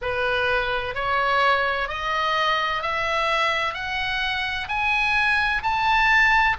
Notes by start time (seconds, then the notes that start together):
0.01 B4
0.95 C#5
1.88 D#5
2.82 E5
3.73 F#5
4.68 G#5
5.62 A5